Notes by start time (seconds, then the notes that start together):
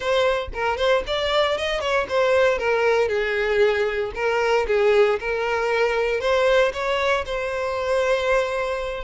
0.00 C5
0.53 A#4
0.77 C5
1.06 D5
1.57 D#5
1.80 C#5
2.08 C5
2.58 A#4
3.08 G#4
4.14 A#4
4.67 G#4
5.19 A#4
6.20 C5
6.73 C#5
7.25 C5